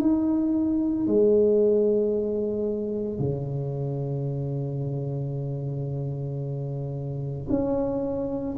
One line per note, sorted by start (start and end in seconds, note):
0.00 1.07 D#4
1.07 3.19 G#3
3.19 7.47 C#3
7.49 8.56 C#4